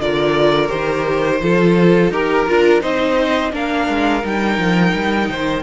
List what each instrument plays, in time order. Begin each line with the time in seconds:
0.00 cello D3, viola F4, violin A#4 D5
0.68 cello D#3, viola G4, violin C5
1.41 cello F3, viola F4, violin A4
2.10 cello D#4, viola G4, violin A#4
2.47 cello D4, viola F4
2.80 cello C4, viola D#4, violin C5 D#5
3.51 cello A#3, viola D4, violin A#4 F5
3.88 cello G#3
4.22 cello G3, viola D#4, violin G5
4.58 cello F3
4.94 cello G3
5.30 cello D#3, violin C5